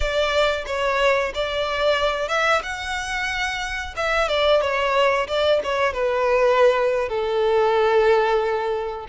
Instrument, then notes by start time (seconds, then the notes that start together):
violin
0.00 D5
0.66 C#5
1.34 D5
2.28 E5
2.62 F#5
3.96 E5
4.28 D5
4.61 C#5
5.27 D5
5.63 C#5
5.93 B4
7.08 A4